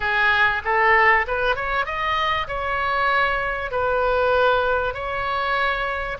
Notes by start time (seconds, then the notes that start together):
0.00 G#4
0.64 A4
1.27 B4
1.55 C#5
1.85 D#5
2.47 C#5
3.71 B4
4.93 C#5